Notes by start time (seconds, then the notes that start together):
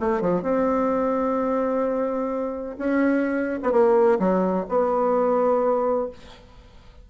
0.00 A3
0.21 F3
0.42 C4
2.78 C#4
3.63 B3
3.72 A#3
4.19 F#3
4.69 B3